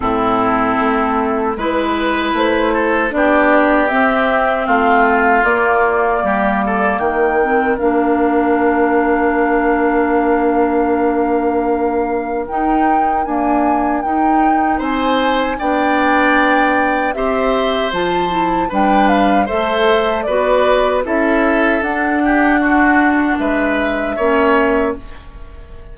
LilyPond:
<<
  \new Staff \with { instrumentName = "flute" } { \time 4/4 \tempo 4 = 77 a'2 b'4 c''4 | d''4 e''4 f''4 d''4~ | d''4 g''4 f''2~ | f''1 |
g''4 gis''4 g''4 gis''4 | g''2 e''4 a''4 | g''8 f''8 e''4 d''4 e''4 | fis''2 e''2 | }
  \new Staff \with { instrumentName = "oboe" } { \time 4/4 e'2 b'4. a'8 | g'2 f'2 | g'8 a'8 ais'2.~ | ais'1~ |
ais'2. c''4 | d''2 c''2 | b'4 c''4 b'4 a'4~ | a'8 g'8 fis'4 b'4 cis''4 | }
  \new Staff \with { instrumentName = "clarinet" } { \time 4/4 c'2 e'2 | d'4 c'2 ais4~ | ais4. c'8 d'2~ | d'1 |
dis'4 ais4 dis'2 | d'2 g'4 f'8 e'8 | d'4 a'4 fis'4 e'4 | d'2. cis'4 | }
  \new Staff \with { instrumentName = "bassoon" } { \time 4/4 a,4 a4 gis4 a4 | b4 c'4 a4 ais4 | g4 dis4 ais2~ | ais1 |
dis'4 d'4 dis'4 c'4 | b2 c'4 f4 | g4 a4 b4 cis'4 | d'2 gis4 ais4 | }
>>